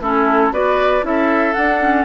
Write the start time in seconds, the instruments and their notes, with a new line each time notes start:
0.00 bassoon A3, clarinet C#4, oboe E4, flute A4
0.51 bassoon B3, clarinet F#4, oboe B4, flute D5
1.02 bassoon C#4, clarinet E4, oboe A4, flute E5
1.53 bassoon D4, flute F#5
1.60 clarinet D4
1.81 clarinet C#4